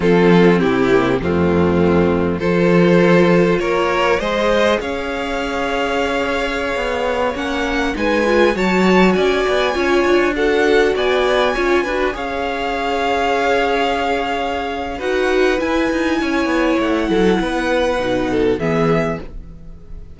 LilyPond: <<
  \new Staff \with { instrumentName = "violin" } { \time 4/4 \tempo 4 = 100 a'4 g'4 f'2 | c''2 cis''4 dis''4 | f''1~ | f''16 fis''4 gis''4 a''4 gis''8.~ |
gis''4~ gis''16 fis''4 gis''4.~ gis''16~ | gis''16 f''2.~ f''8.~ | f''4 fis''4 gis''2 | fis''2. e''4 | }
  \new Staff \with { instrumentName = "violin" } { \time 4/4 f'4 e'4 c'2 | a'2 ais'4 c''4 | cis''1~ | cis''4~ cis''16 b'4 cis''4 d''8.~ |
d''16 cis''4 a'4 d''4 cis''8 b'16~ | b'16 cis''2.~ cis''8.~ | cis''4 b'2 cis''4~ | cis''8 a'8 b'4. a'8 gis'4 | }
  \new Staff \with { instrumentName = "viola" } { \time 4/4 c'4. ais8 a2 | f'2. gis'4~ | gis'1~ | gis'16 cis'4 dis'8 f'8 fis'4.~ fis'16~ |
fis'16 f'4 fis'2 f'8 fis'16~ | fis'16 gis'2.~ gis'8.~ | gis'4 fis'4 e'2~ | e'2 dis'4 b4 | }
  \new Staff \with { instrumentName = "cello" } { \time 4/4 f4 c4 f,2 | f2 ais4 gis4 | cis'2.~ cis'16 b8.~ | b16 ais4 gis4 fis4 cis'8 b16~ |
b16 cis'8 d'4. b4 cis'8 d'16~ | d'16 cis'2.~ cis'8.~ | cis'4 dis'4 e'8 dis'8 cis'8 b8 | a8 fis8 b4 b,4 e4 | }
>>